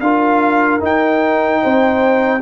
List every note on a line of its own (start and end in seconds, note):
0.00 0.80 D4
0.00 0.80 F4
0.00 1.62 A#4
0.00 0.80 F5
0.80 2.40 D#4
0.80 1.62 D#4
0.80 2.41 G5
1.62 2.41 C4
1.62 2.41 C5